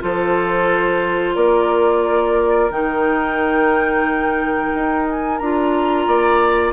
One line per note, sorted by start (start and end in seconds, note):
0.00 1.36 F3
0.00 2.70 F4
0.00 1.35 A4
0.00 1.35 C5
1.35 2.70 A#3
1.35 6.07 A#4
1.35 2.70 D5
2.70 4.72 D#3
2.70 5.40 D#4
2.70 5.07 G5
4.74 5.40 D#4
5.09 5.38 G#5
5.38 6.07 D4
5.38 6.73 F4
5.38 6.73 A#5
6.07 6.73 A#3
6.07 6.73 D5